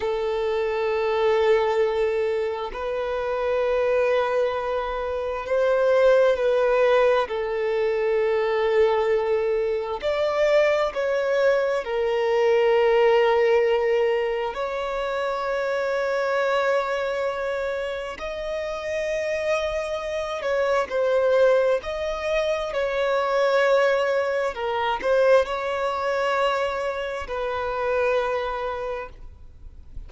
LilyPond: \new Staff \with { instrumentName = "violin" } { \time 4/4 \tempo 4 = 66 a'2. b'4~ | b'2 c''4 b'4 | a'2. d''4 | cis''4 ais'2. |
cis''1 | dis''2~ dis''8 cis''8 c''4 | dis''4 cis''2 ais'8 c''8 | cis''2 b'2 | }